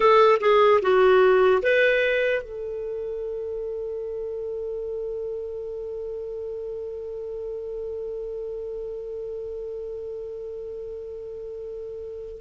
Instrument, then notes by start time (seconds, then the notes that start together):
clarinet
0.00 A4
0.40 G#4
0.81 F#4
1.62 B4
2.42 A4